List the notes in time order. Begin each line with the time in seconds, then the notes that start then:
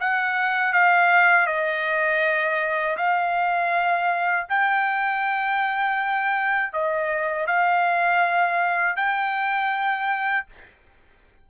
0.00 F#5
0.73 F5
1.47 D#5
2.97 F5
4.49 G5
6.73 D#5
7.46 F5
8.96 G5